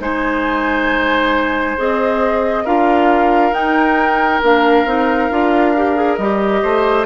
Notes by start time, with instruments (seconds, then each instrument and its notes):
0.00 bassoon G#3, clarinet D#4, oboe C5, flute G#5
1.78 bassoon C4, clarinet G#4, flute D#5
2.65 bassoon D4, clarinet F4, oboe A#4, flute F5
3.52 bassoon D#4, clarinet D#4, flute G5
4.43 bassoon A#3, clarinet D4, flute F5
4.86 bassoon C4, clarinet D#4
5.31 bassoon D4, clarinet F4
5.77 clarinet G4
5.96 clarinet G#4
6.17 bassoon G3, clarinet G4, flute D#5
6.63 bassoon A3, oboe C5